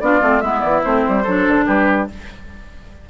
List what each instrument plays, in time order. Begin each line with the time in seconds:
0.00 bassoon B3, clarinet D4, oboe F4, flute D5
0.21 bassoon A3, clarinet C4
0.41 bassoon G#3, clarinet B3, oboe E4, flute E5
0.60 bassoon E3, flute D5
0.83 bassoon A3, clarinet C4, flute C5
1.08 bassoon G3
1.23 bassoon F#3, clarinet D4, oboe A4
1.48 bassoon D3
1.66 bassoon G3, oboe G4, flute B4